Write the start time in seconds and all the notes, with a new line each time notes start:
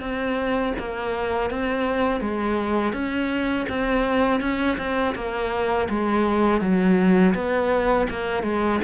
0.00 C4
0.78 A#3
1.50 C4
2.21 G#3
2.92 C#4
3.69 C4
4.40 C#4
4.78 C4
5.15 A#3
5.89 G#3
6.61 F#3
7.34 B3
8.09 A#3
8.43 G#3